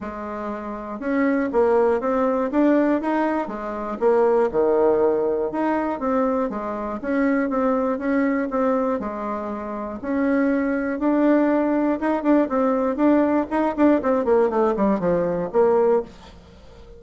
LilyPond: \new Staff \with { instrumentName = "bassoon" } { \time 4/4 \tempo 4 = 120 gis2 cis'4 ais4 | c'4 d'4 dis'4 gis4 | ais4 dis2 dis'4 | c'4 gis4 cis'4 c'4 |
cis'4 c'4 gis2 | cis'2 d'2 | dis'8 d'8 c'4 d'4 dis'8 d'8 | c'8 ais8 a8 g8 f4 ais4 | }